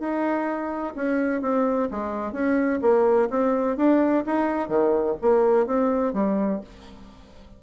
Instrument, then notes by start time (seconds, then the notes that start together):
bassoon
0.00 D#4
0.96 C#4
1.42 C4
1.91 G#3
2.33 C#4
2.82 A#3
3.30 C4
3.77 D4
4.26 D#4
4.69 D#3
5.22 A#3
5.67 C4
6.14 G3